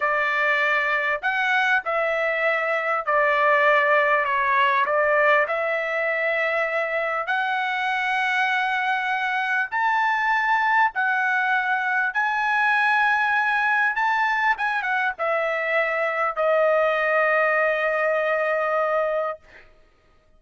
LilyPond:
\new Staff \with { instrumentName = "trumpet" } { \time 4/4 \tempo 4 = 99 d''2 fis''4 e''4~ | e''4 d''2 cis''4 | d''4 e''2. | fis''1 |
a''2 fis''2 | gis''2. a''4 | gis''8 fis''8 e''2 dis''4~ | dis''1 | }